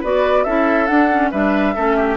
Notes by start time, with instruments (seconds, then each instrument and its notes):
0.00 bassoon B3, clarinet F#4, oboe B4, flute D5
0.44 bassoon C#4, clarinet E4, oboe A4, flute E5
0.86 clarinet D4, bassoon D4, flute F#5
1.11 clarinet C#4
1.31 bassoon G3, clarinet D4, oboe B4, flute E5
1.75 bassoon A3, clarinet C#4, oboe A4
1.96 oboe G4